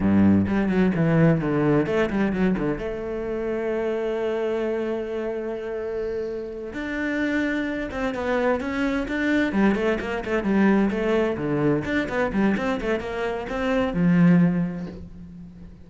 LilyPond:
\new Staff \with { instrumentName = "cello" } { \time 4/4 \tempo 4 = 129 g,4 g8 fis8 e4 d4 | a8 g8 fis8 d8 a2~ | a1~ | a2~ a8 d'4.~ |
d'4 c'8 b4 cis'4 d'8~ | d'8 g8 a8 ais8 a8 g4 a8~ | a8 d4 d'8 b8 g8 c'8 a8 | ais4 c'4 f2 | }